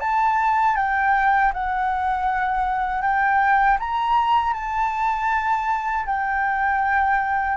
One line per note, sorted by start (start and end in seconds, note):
0.00 0.76 A5
0.76 1.52 G5
1.53 3.02 F#5
3.02 3.78 G5
3.79 4.53 A#5
4.53 6.05 A5
6.06 7.57 G5